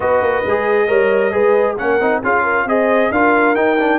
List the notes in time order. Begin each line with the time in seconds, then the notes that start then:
0.00 B3 F#4 B4 D#5
0.21 A#3
0.45 G#3 G#4
0.87 G3 A#4 C#5
1.31 G#3 G#4 B4
1.77 A#3 C#4 A#4 F#5
2.00 C4 D#4
2.23 C#4 F4 G#4 F5
2.43 A#4
2.65 C4 G#4 C5 D#5
3.10 D4 F4 A#4 F5
3.55 D#4 G5
3.79 D4